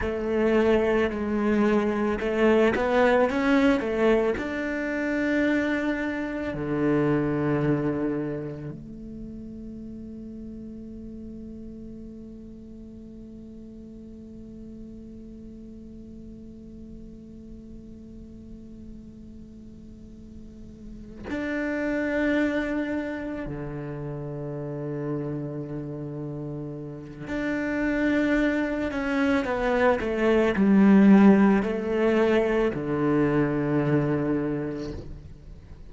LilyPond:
\new Staff \with { instrumentName = "cello" } { \time 4/4 \tempo 4 = 55 a4 gis4 a8 b8 cis'8 a8 | d'2 d2 | a1~ | a1~ |
a2.~ a8 d'8~ | d'4. d2~ d8~ | d4 d'4. cis'8 b8 a8 | g4 a4 d2 | }